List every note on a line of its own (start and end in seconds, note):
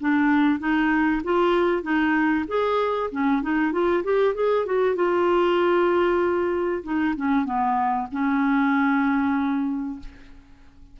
0.00 0.59 D4
0.59 1.22 D#4
1.24 1.82 F4
1.82 2.45 D#4
2.47 3.10 G#4
3.11 3.42 C#4
3.42 3.72 D#4
3.72 4.03 F4
4.03 4.34 G4
4.34 4.66 G#4
4.66 4.95 F#4
4.95 6.83 F4
6.83 7.14 D#4
7.16 7.45 C#4
7.45 8.07 B3
8.11 9.99 C#4